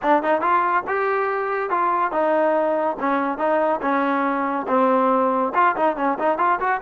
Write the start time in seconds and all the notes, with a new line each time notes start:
0.02 D4
0.22 D#4
0.41 F4
0.87 G4
1.69 F4
2.11 D#4
2.99 C#4
3.37 D#4
3.81 C#4
4.67 C4
5.54 F4
5.76 D#4
5.96 C#4
6.18 D#4
6.38 F4
6.60 F#4